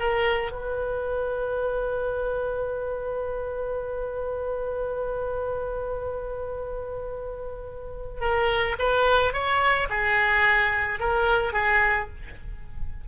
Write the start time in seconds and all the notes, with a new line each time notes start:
0.00 A#4
0.52 B4
8.21 A#4
8.79 B4
9.34 C#5
9.90 G#4
11.00 A#4
11.53 G#4